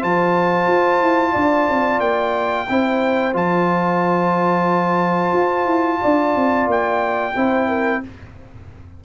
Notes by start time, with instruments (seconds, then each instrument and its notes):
0.00 tuba F3, trombone F4, horn C5, trumpet A5
0.68 tuba F4
1.01 tuba E4
1.32 tuba D4, horn D5
1.69 tuba C4
2.00 tuba A#3, trumpet G5
2.69 tuba C4, trombone E4, horn C5
3.33 tuba F3, trombone F4, trumpet A5
5.33 tuba F4
5.66 tuba E4
6.01 tuba D4, horn D5
6.36 tuba C4
6.67 tuba A#3, trumpet G5
7.36 tuba C4, trombone E4, horn C5
7.68 horn A#4